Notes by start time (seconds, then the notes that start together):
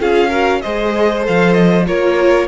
0.00 C#4 F4 G#4 F5
0.28 F#4 A#4
0.61 G#3 G#4 C5 D#5
1.22 A4 F5
1.28 F3
1.53 D#5
1.87 A#3 F4 A#4 C#5